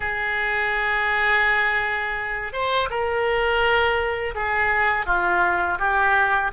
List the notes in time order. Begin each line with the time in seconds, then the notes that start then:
0.00 G#4
2.52 C5
2.89 A#4
4.34 G#4
5.06 F4
5.78 G4